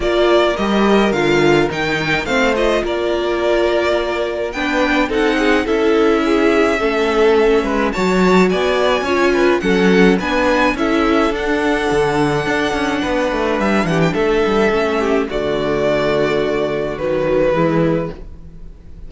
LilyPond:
<<
  \new Staff \with { instrumentName = "violin" } { \time 4/4 \tempo 4 = 106 d''4 dis''4 f''4 g''4 | f''8 dis''8 d''2. | g''4 fis''4 e''2~ | e''2 a''4 gis''4~ |
gis''4 fis''4 gis''4 e''4 | fis''1 | e''8 fis''16 g''16 e''2 d''4~ | d''2 b'2 | }
  \new Staff \with { instrumentName = "violin" } { \time 4/4 ais'1 | c''4 ais'2. | b'4 a'8 gis'8 a'4 gis'4 | a'4. b'8 cis''4 d''4 |
cis''8 b'8 a'4 b'4 a'4~ | a'2. b'4~ | b'8 g'8 a'4. g'8 fis'4~ | fis'2. e'4 | }
  \new Staff \with { instrumentName = "viola" } { \time 4/4 f'4 g'4 f'4 dis'4 | c'8 f'2.~ f'8 | d'4 dis'4 e'2 | cis'2 fis'2 |
f'4 cis'4 d'4 e'4 | d'1~ | d'2 cis'4 a4~ | a2 fis4 gis4 | }
  \new Staff \with { instrumentName = "cello" } { \time 4/4 ais4 g4 d4 dis4 | a4 ais2. | b4 c'4 cis'2 | a4. gis8 fis4 b4 |
cis'4 fis4 b4 cis'4 | d'4 d4 d'8 cis'8 b8 a8 | g8 e8 a8 g8 a4 d4~ | d2 dis4 e4 | }
>>